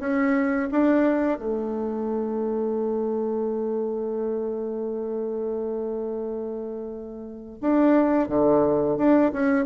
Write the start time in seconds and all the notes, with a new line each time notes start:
0.00 C#4
0.71 D4
1.38 A3
7.61 D4
8.29 D3
8.97 D4
9.32 C#4